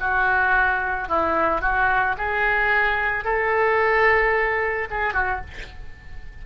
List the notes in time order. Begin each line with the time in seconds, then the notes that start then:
0.00 F#4
1.09 E4
1.61 F#4
2.18 G#4
3.24 A4
4.90 G#4
5.14 F#4